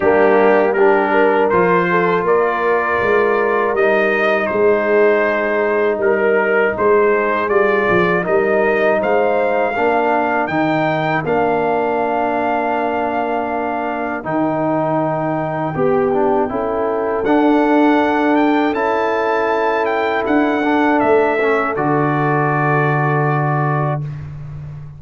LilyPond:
<<
  \new Staff \with { instrumentName = "trumpet" } { \time 4/4 \tempo 4 = 80 g'4 ais'4 c''4 d''4~ | d''4 dis''4 c''2 | ais'4 c''4 d''4 dis''4 | f''2 g''4 f''4~ |
f''2. g''4~ | g''2. fis''4~ | fis''8 g''8 a''4. g''8 fis''4 | e''4 d''2. | }
  \new Staff \with { instrumentName = "horn" } { \time 4/4 d'4 g'8 ais'4 a'8 ais'4~ | ais'2 gis'2 | ais'4 gis'2 ais'4 | c''4 ais'2.~ |
ais'1~ | ais'4 g'4 a'2~ | a'1~ | a'1 | }
  \new Staff \with { instrumentName = "trombone" } { \time 4/4 ais4 d'4 f'2~ | f'4 dis'2.~ | dis'2 f'4 dis'4~ | dis'4 d'4 dis'4 d'4~ |
d'2. dis'4~ | dis'4 g'8 d'8 e'4 d'4~ | d'4 e'2~ e'8 d'8~ | d'8 cis'8 fis'2. | }
  \new Staff \with { instrumentName = "tuba" } { \time 4/4 g2 f4 ais4 | gis4 g4 gis2 | g4 gis4 g8 f8 g4 | gis4 ais4 dis4 ais4~ |
ais2. dis4~ | dis4 b4 cis'4 d'4~ | d'4 cis'2 d'4 | a4 d2. | }
>>